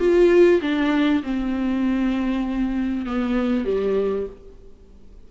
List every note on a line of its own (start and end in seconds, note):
0.00 0.61 F4
0.62 1.23 D4
1.24 3.06 C4
3.06 3.65 B3
3.65 4.27 G3